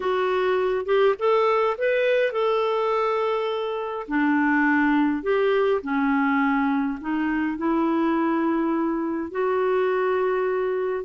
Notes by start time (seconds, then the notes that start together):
0.00 F#4
0.85 G4
1.18 A4
1.78 B4
2.31 A4
4.08 D4
5.22 G4
5.82 C#4
7.00 D#4
7.57 E4
9.31 F#4